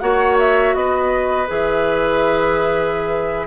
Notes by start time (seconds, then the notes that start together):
0.00 A#3 F#4 C#5 F#5
0.39 E5
0.74 B3 B4 D#5
1.48 E3 G#4 E5